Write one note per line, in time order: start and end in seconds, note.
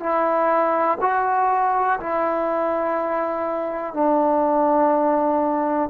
0.00 0.98 E4
1.01 1.99 F#4
2.00 3.93 E4
3.93 5.90 D4